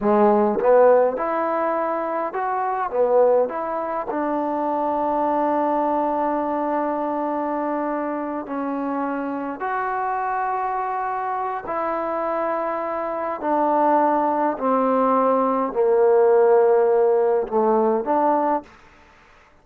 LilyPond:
\new Staff \with { instrumentName = "trombone" } { \time 4/4 \tempo 4 = 103 gis4 b4 e'2 | fis'4 b4 e'4 d'4~ | d'1~ | d'2~ d'8 cis'4.~ |
cis'8 fis'2.~ fis'8 | e'2. d'4~ | d'4 c'2 ais4~ | ais2 a4 d'4 | }